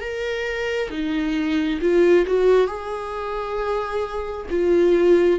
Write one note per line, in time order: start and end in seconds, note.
0.00 0.90 A#4
0.90 1.80 D#4
1.81 2.26 F4
2.26 2.67 F#4
2.67 4.46 G#4
4.50 5.39 F4